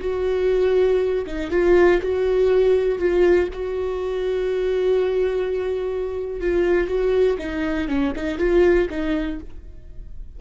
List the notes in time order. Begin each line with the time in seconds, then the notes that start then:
0.00 F#4
1.26 D#4
1.50 F4
2.02 F#4
2.98 F4
3.53 F#4
6.40 F4
6.87 F#4
7.38 D#4
7.88 C#4
8.15 D#4
8.38 F4
8.89 D#4